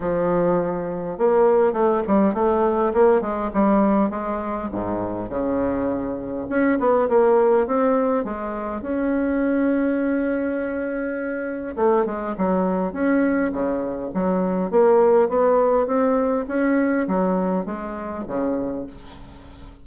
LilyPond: \new Staff \with { instrumentName = "bassoon" } { \time 4/4 \tempo 4 = 102 f2 ais4 a8 g8 | a4 ais8 gis8 g4 gis4 | gis,4 cis2 cis'8 b8 | ais4 c'4 gis4 cis'4~ |
cis'1 | a8 gis8 fis4 cis'4 cis4 | fis4 ais4 b4 c'4 | cis'4 fis4 gis4 cis4 | }